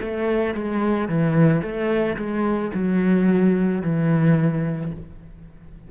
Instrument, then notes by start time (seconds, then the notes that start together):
cello
0.00 A3
0.54 G#3
1.08 E3
1.61 A3
2.16 G#3
2.73 F#3
3.81 E3